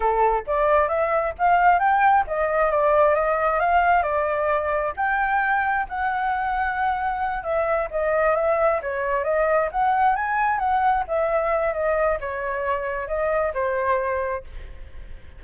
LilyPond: \new Staff \with { instrumentName = "flute" } { \time 4/4 \tempo 4 = 133 a'4 d''4 e''4 f''4 | g''4 dis''4 d''4 dis''4 | f''4 d''2 g''4~ | g''4 fis''2.~ |
fis''8 e''4 dis''4 e''4 cis''8~ | cis''8 dis''4 fis''4 gis''4 fis''8~ | fis''8 e''4. dis''4 cis''4~ | cis''4 dis''4 c''2 | }